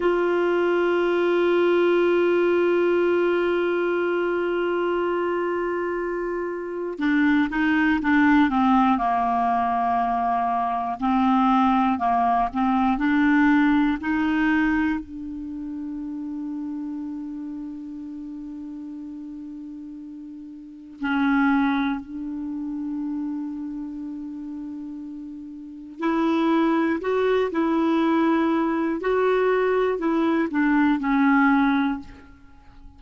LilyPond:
\new Staff \with { instrumentName = "clarinet" } { \time 4/4 \tempo 4 = 60 f'1~ | f'2. d'8 dis'8 | d'8 c'8 ais2 c'4 | ais8 c'8 d'4 dis'4 d'4~ |
d'1~ | d'4 cis'4 d'2~ | d'2 e'4 fis'8 e'8~ | e'4 fis'4 e'8 d'8 cis'4 | }